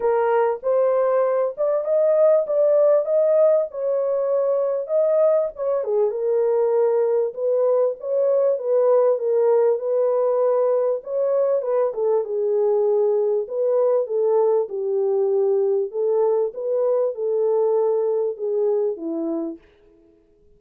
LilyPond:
\new Staff \with { instrumentName = "horn" } { \time 4/4 \tempo 4 = 98 ais'4 c''4. d''8 dis''4 | d''4 dis''4 cis''2 | dis''4 cis''8 gis'8 ais'2 | b'4 cis''4 b'4 ais'4 |
b'2 cis''4 b'8 a'8 | gis'2 b'4 a'4 | g'2 a'4 b'4 | a'2 gis'4 e'4 | }